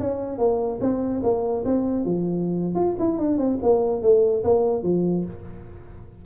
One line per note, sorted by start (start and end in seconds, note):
0.00 0.39 C#4
0.39 0.80 A#3
0.81 1.22 C4
1.23 1.65 A#3
1.66 2.06 C4
2.06 2.75 F3
2.75 2.96 F4
2.99 3.19 E4
3.19 3.38 D4
3.38 3.59 C4
3.63 4.03 A#3
4.03 4.44 A3
4.44 4.83 A#3
4.83 5.25 F3